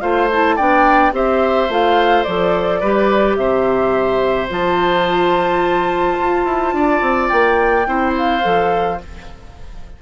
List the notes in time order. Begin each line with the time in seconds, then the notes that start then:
0.00 A3 F4 C5 F5
0.31 E4 A5
0.55 B3 D4 D5 G5
1.12 C4 G4 C5 E5
1.68 A3 F4 F5
2.23 F3 A4 D5
2.80 G3 G4 B4
3.36 C3 C5 E5
4.48 F3 F4 A5
6.18 F4
6.44 E4
6.72 D4 D5
7.01 C4
7.28 A#3 G5
7.85 C4 E4 C5
8.17 F5
8.41 F3 A4